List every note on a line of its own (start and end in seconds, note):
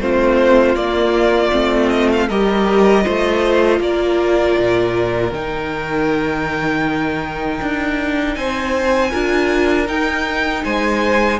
0.00 0.75 A3
0.00 0.76 C4
0.00 2.28 F4
0.00 0.75 C5
0.75 1.51 A#3
0.75 1.52 A#3
0.75 1.89 D5
1.52 2.29 A3
1.52 2.28 C4
1.89 2.08 D#5
2.12 2.28 F5
2.28 3.05 G3
2.28 3.03 G4
2.28 3.04 A#4
2.28 3.80 D#5
3.03 3.79 A3
3.03 5.31 F4
3.03 3.80 C5
3.79 4.55 A#3
3.79 8.37 A#4
3.79 5.33 D5
4.58 5.32 A#2
5.32 7.59 D#3
5.32 9.12 D#4
5.32 8.35 G5
7.61 8.36 D4
8.35 9.12 C4
8.35 9.11 C5
8.35 9.87 G#5
9.11 9.88 D4
9.11 9.86 F4
9.11 10.63 A#4
9.86 11.38 D#4
9.86 10.64 D#4
9.86 10.64 G5
10.64 11.39 G#3
10.64 11.39 C5
10.64 11.39 G#5